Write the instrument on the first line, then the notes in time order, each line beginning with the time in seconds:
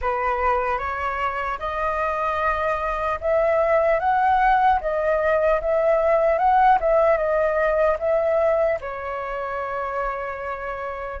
flute
0.01 B4
0.78 C#5
1.59 D#5
3.20 E5
3.99 F#5
4.80 D#5
5.61 E5
6.38 F#5
6.80 E5
7.17 D#5
7.99 E5
8.80 C#5